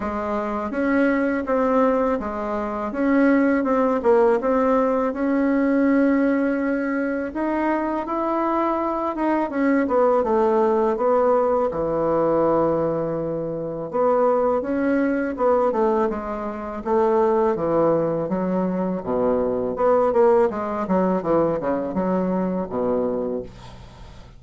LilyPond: \new Staff \with { instrumentName = "bassoon" } { \time 4/4 \tempo 4 = 82 gis4 cis'4 c'4 gis4 | cis'4 c'8 ais8 c'4 cis'4~ | cis'2 dis'4 e'4~ | e'8 dis'8 cis'8 b8 a4 b4 |
e2. b4 | cis'4 b8 a8 gis4 a4 | e4 fis4 b,4 b8 ais8 | gis8 fis8 e8 cis8 fis4 b,4 | }